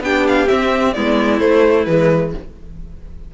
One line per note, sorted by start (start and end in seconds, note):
0.00 0.47 B3
0.00 0.48 D4
0.00 0.95 G4
0.00 0.27 G5
0.28 0.48 F5
0.48 0.94 C4
0.48 0.96 C4
0.48 0.93 E5
0.93 1.41 G#3
0.93 1.39 B3
0.93 2.34 E4
0.93 1.39 D5
1.39 1.86 A3
1.39 1.87 A3
1.39 1.85 C5
1.85 2.33 E3
1.85 2.34 G#3
1.85 2.32 B4